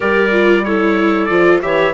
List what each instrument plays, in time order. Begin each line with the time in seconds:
0.00 bassoon G3, viola G4, clarinet A#4, trumpet D5
0.31 viola F4
0.64 viola E4, clarinet A4, trumpet C#5
1.25 bassoon F3, viola F4, trumpet D5
1.61 bassoon E3, viola G4, clarinet C#5, trumpet E5